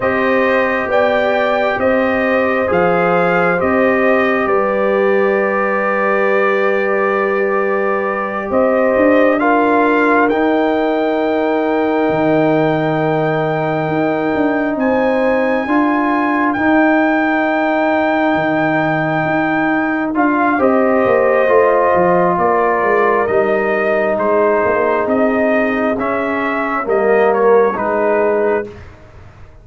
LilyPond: <<
  \new Staff \with { instrumentName = "trumpet" } { \time 4/4 \tempo 4 = 67 dis''4 g''4 dis''4 f''4 | dis''4 d''2.~ | d''4. dis''4 f''4 g''8~ | g''1~ |
g''8 gis''2 g''4.~ | g''2~ g''8 f''8 dis''4~ | dis''4 d''4 dis''4 c''4 | dis''4 e''4 dis''8 cis''8 b'4 | }
  \new Staff \with { instrumentName = "horn" } { \time 4/4 c''4 d''4 c''2~ | c''4 b'2.~ | b'4. c''4 ais'4.~ | ais'1~ |
ais'8 c''4 ais'2~ ais'8~ | ais'2. c''4~ | c''4 ais'2 gis'4~ | gis'2 ais'4 gis'4 | }
  \new Staff \with { instrumentName = "trombone" } { \time 4/4 g'2. gis'4 | g'1~ | g'2~ g'8 f'4 dis'8~ | dis'1~ |
dis'4. f'4 dis'4.~ | dis'2~ dis'8 f'8 g'4 | f'2 dis'2~ | dis'4 cis'4 ais4 dis'4 | }
  \new Staff \with { instrumentName = "tuba" } { \time 4/4 c'4 b4 c'4 f4 | c'4 g2.~ | g4. c'8 d'4. dis'8~ | dis'4. dis2 dis'8 |
d'8 c'4 d'4 dis'4.~ | dis'8 dis4 dis'4 d'8 c'8 ais8 | a8 f8 ais8 gis8 g4 gis8 ais8 | c'4 cis'4 g4 gis4 | }
>>